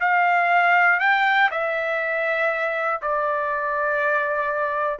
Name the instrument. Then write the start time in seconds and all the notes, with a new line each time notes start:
trumpet
0.00 F5
1.00 G5
1.50 E5
3.02 D5